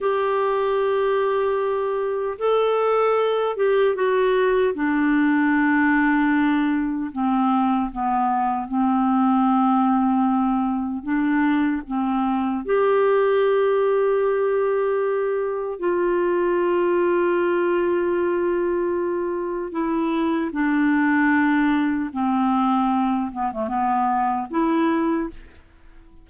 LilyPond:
\new Staff \with { instrumentName = "clarinet" } { \time 4/4 \tempo 4 = 76 g'2. a'4~ | a'8 g'8 fis'4 d'2~ | d'4 c'4 b4 c'4~ | c'2 d'4 c'4 |
g'1 | f'1~ | f'4 e'4 d'2 | c'4. b16 a16 b4 e'4 | }